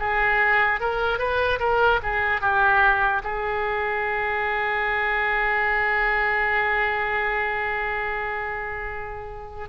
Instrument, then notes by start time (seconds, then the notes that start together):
oboe
0.00 G#4
0.81 A#4
1.19 B4
1.60 A#4
2.03 G#4
2.42 G4
3.24 G#4